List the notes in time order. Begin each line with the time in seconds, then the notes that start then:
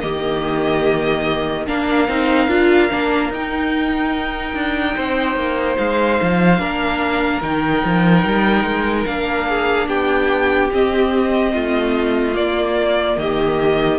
0.00 D#3 A#3 G4 D#5
1.66 A#3 D4 A#4 F5
2.08 C4 D#4
2.47 D4 F4
2.90 A#3 D4
3.29 D#4 G5
4.54 D4
4.95 C4 C5
5.35 A#3
5.77 G#3 F5
6.21 F3
6.59 A#3 D4 A#4
7.42 D#3 D#4 G5
7.84 F3
8.24 G3
8.64 G#3
9.05 A#3 D4 F5
9.48 G#4
9.87 B3 G4 G5
10.71 C4 D#5
11.52 A3 F4
12.33 A#3 D5
13.17 D#3 G4 D#5